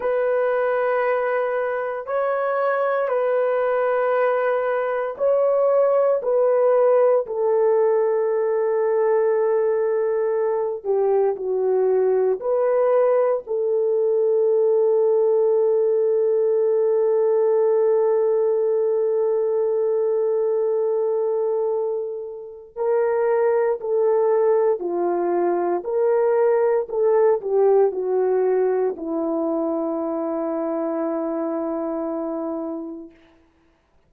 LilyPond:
\new Staff \with { instrumentName = "horn" } { \time 4/4 \tempo 4 = 58 b'2 cis''4 b'4~ | b'4 cis''4 b'4 a'4~ | a'2~ a'8 g'8 fis'4 | b'4 a'2.~ |
a'1~ | a'2 ais'4 a'4 | f'4 ais'4 a'8 g'8 fis'4 | e'1 | }